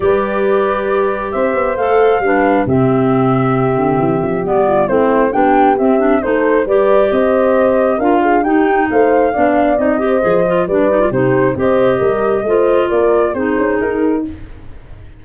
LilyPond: <<
  \new Staff \with { instrumentName = "flute" } { \time 4/4 \tempo 4 = 135 d''2. e''4 | f''2 e''2~ | e''2 d''4 c''4 | g''4 e''4 c''4 d''4 |
dis''2 f''4 g''4 | f''2 dis''2 | d''4 c''4 dis''2~ | dis''4 d''4 c''4 ais'4 | }
  \new Staff \with { instrumentName = "horn" } { \time 4/4 b'2. c''4~ | c''4 b'4 g'2~ | g'2~ g'8 f'8 e'4 | g'2 a'4 b'4 |
c''2 ais'8 gis'8 g'4 | c''4 d''4. c''4. | b'4 g'4 c''4 ais'4 | c''4 ais'4 gis'2 | }
  \new Staff \with { instrumentName = "clarinet" } { \time 4/4 g'1 | a'4 d'4 c'2~ | c'2 b4 c'4 | d'4 c'8 d'8 dis'4 g'4~ |
g'2 f'4 dis'4~ | dis'4 d'4 dis'8 g'8 gis'8 f'8 | d'8 dis'16 f'16 dis'4 g'2 | f'2 dis'2 | }
  \new Staff \with { instrumentName = "tuba" } { \time 4/4 g2. c'8 b8 | a4 g4 c2~ | c8 d8 e8 f8 g4 a4 | b4 c'4 a4 g4 |
c'2 d'4 dis'4 | a4 b4 c'4 f4 | g4 c4 c'4 g4 | a4 ais4 c'8 cis'8 dis'4 | }
>>